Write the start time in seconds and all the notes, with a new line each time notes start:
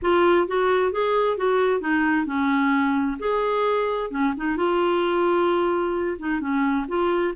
0.01 F4
0.47 F#4
0.91 G#4
1.37 F#4
1.80 D#4
2.26 C#4
3.19 G#4
4.10 C#4
4.37 D#4
4.56 F4
6.18 D#4
6.40 C#4
6.88 F4